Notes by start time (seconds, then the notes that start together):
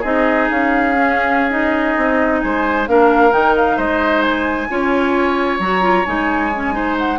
0.00 C4 D#4 G#4 D#5
0.49 C#4 F5
0.96 C#4
1.50 D#4 D#5
1.96 C4
2.40 G#3 C5 G#5
2.87 A#3 D4 A#4 F5
3.30 D#3 D#4 G5
3.55 F5
3.76 G#3 C5 D#5
4.21 G#5
4.69 C#4 F4 C#5
5.59 F#3 F#4 A#5
5.81 F4
6.05 G#3 D#4 G#5
6.55 C#4
6.72 D#4 C5
6.98 F#5